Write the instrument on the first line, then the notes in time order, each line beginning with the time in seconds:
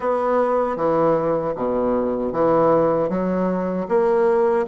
bassoon
0.00 B3
0.76 E3
1.55 B2
2.32 E3
3.09 F#3
3.88 A#3